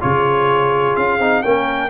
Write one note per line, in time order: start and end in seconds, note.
0.00 0.96 C#3
0.00 1.20 F4
0.00 1.45 G#4
0.00 0.96 C#5
0.96 1.19 C#4
0.96 1.42 F5
1.19 1.43 C4
1.19 1.44 D#4
1.42 1.90 A#3
1.42 1.90 C#4
1.42 1.90 A#4
1.42 1.90 G5